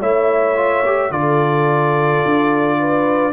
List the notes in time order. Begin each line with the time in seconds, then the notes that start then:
0.00 A3 E4 C#5 E5
0.56 F4
0.86 G4
1.11 D3 F4 A4 D5
2.25 D4
2.79 B4